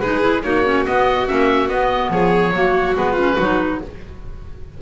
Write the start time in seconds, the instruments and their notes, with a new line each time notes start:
0.00 double bass G#3, clarinet D#4, violin G#4, oboe B4
0.21 clarinet E4
0.42 double bass A#3, clarinet D#4, violin F#4, oboe C#5
0.65 clarinet C#4
0.86 clarinet B3, double bass B3, oboe D#5
1.27 double bass A#3, clarinet C#4, oboe E5
1.68 double bass B3, clarinet B3, oboe D#5
2.10 double bass F3, violin G#4, oboe C#5
2.51 double bass F#3, clarinet A#3, violin F#4
2.95 double bass G#3, clarinet B3, oboe B4
3.12 clarinet C#4, violin F4
3.37 double bass F#3, clarinet D#4, violin F#4